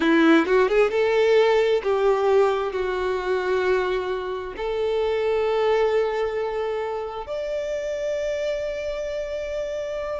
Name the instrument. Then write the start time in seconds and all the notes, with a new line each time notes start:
violin
0.00 E4
0.45 F#4
0.68 G#4
0.90 A4
1.83 G4
2.72 F#4
4.57 A4
7.26 D5